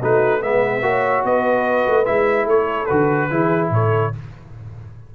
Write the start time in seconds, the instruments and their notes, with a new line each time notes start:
0.00 tuba A3, trombone D#4, horn F#4, trumpet B4
0.41 tuba G#3, trombone B3, horn B4, trumpet E5
0.82 tuba A#3, trombone F#4, horn C#5
1.25 tuba B3, horn B4, trumpet D#5
1.87 tuba A3
2.05 tuba G#3, trombone E4, trumpet E5
2.46 tuba A3, horn A4, trumpet C#5
2.86 tuba D3, trombone F#4, trumpet B4
3.30 tuba E3, trombone E4, horn G#4
3.70 tuba A2, horn A4, trumpet C#5